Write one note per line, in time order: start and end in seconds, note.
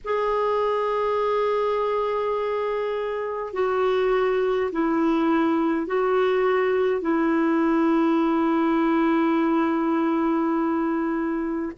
0.04 3.53 G#4
3.53 4.71 F#4
4.72 5.87 E4
5.87 7.01 F#4
7.01 11.72 E4